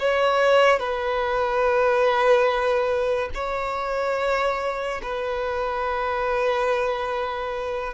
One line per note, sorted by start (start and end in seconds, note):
0.00 0.80 C#5
0.80 3.30 B4
3.34 5.01 C#5
5.03 7.94 B4